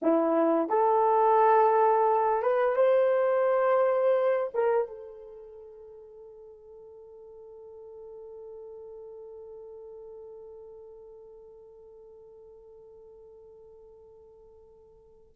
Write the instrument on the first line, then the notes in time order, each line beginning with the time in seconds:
horn
0.02 E4
0.69 A4
2.42 B4
2.76 C5
4.53 A#4
4.87 A4